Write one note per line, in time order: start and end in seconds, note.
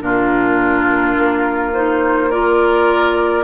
0.00 1.17 A#2
0.00 1.73 D4
0.00 2.30 F4
0.00 1.73 A#4
1.18 3.44 A#3
1.73 2.31 D#4
1.73 2.31 C5
2.30 3.44 F4
2.30 3.44 A#4
2.30 3.44 D5